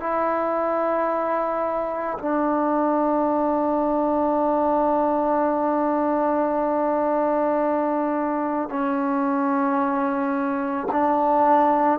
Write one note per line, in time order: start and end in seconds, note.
0.00 2.18 E4
2.18 8.69 D4
8.69 10.87 C#4
10.91 11.99 D4